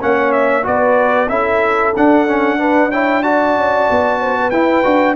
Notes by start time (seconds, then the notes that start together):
0.00 A#3 C#4 C#5 F#5
0.32 E5
0.63 B3 F#4 B4 D5
1.29 C#4 E4 A4 E5
1.96 D4 F#5
2.28 C#4
2.58 D4 B4
2.91 E4 C#5 G5
3.23 F#4 D5 A5
3.56 C#4
3.90 B3
4.20 C5
4.39 B4
4.51 E4 G5
4.84 D4 F#4